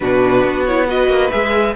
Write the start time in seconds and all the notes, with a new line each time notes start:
0.00 B2 D4 F#4 B4
0.44 B3
0.65 E4 C#5
0.86 F#4 B4 D#5
1.07 A#3
1.30 G#3 G#4 E5